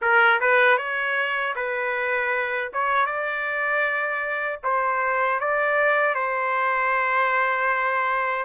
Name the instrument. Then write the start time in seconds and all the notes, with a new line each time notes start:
trumpet
0.01 A#4
0.40 B4
0.77 C#5
1.55 B4
2.73 C#5
3.06 D5
4.63 C5
5.40 D5
6.15 C5